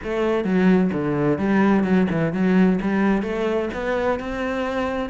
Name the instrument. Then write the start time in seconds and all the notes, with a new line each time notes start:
cello
0.03 A3
0.44 F#3
0.92 D3
1.38 G3
1.84 F#3
2.10 E3
2.32 F#3
2.81 G3
3.22 A3
3.73 B3
4.19 C4